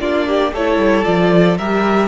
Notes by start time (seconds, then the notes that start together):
0.00 A#3 D4 F4 D5
0.28 G4
0.53 A3 E4 A4 C#5
0.78 G3
1.04 F3 F4 D5
1.58 G3 G4 A#4 E5